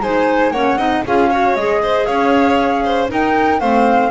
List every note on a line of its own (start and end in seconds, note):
0.00 0.51 G#3
0.00 0.54 D#4
0.00 0.53 C5
0.00 0.52 G#5
0.51 0.76 A#3
0.51 0.78 C#4
0.51 0.78 C#5
0.51 1.04 F#5
0.76 1.02 C4
0.76 1.04 D#4
0.76 1.04 D#5
1.06 1.56 C#4
1.06 1.32 F4
1.06 1.30 G#4
1.06 1.56 F5
1.30 1.58 F#4
1.30 1.81 C#5
1.56 2.08 G#3
1.56 3.08 G#4
1.56 2.06 D#5
1.82 2.07 C5
2.06 3.11 C#4
2.06 2.84 C#5
2.06 3.09 F5
2.85 3.10 C5
3.08 3.59 D#4
3.08 3.61 D#4
3.08 3.60 A#4
3.08 3.60 G5
3.60 4.12 A3
3.60 4.12 C4
3.60 4.11 C5
3.60 4.12 F5